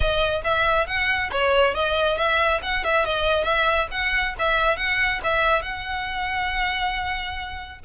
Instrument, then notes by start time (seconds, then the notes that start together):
violin
0.00 D#5
0.44 E5
0.86 F#5
1.31 C#5
1.74 D#5
2.17 E5
2.62 F#5
2.83 E5
3.05 D#5
3.44 E5
3.91 F#5
4.39 E5
4.76 F#5
5.23 E5
5.62 F#5